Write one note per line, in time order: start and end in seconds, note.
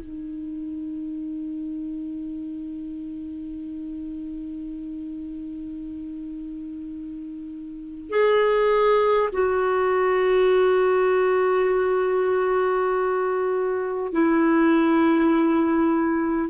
0.00 8.10 D#4
8.10 9.30 G#4
9.33 14.13 F#4
14.13 16.50 E4